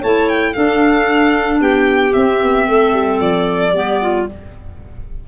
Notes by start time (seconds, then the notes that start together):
0.00 A3 E4 C#5 A5
0.29 G5
0.54 D4 A4 F5
1.61 B3 G4 G5
2.12 C4 E5
2.42 B3
2.67 A3 A4
2.93 G3
3.20 F3 D5
3.73 G3 B3 G4
4.02 F4